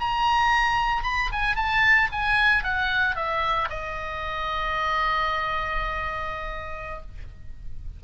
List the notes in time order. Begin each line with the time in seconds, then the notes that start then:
0.00 A#5
1.03 B5
1.32 G#5
1.55 A5
2.12 G#5
2.63 F#5
3.16 E5
3.70 D#5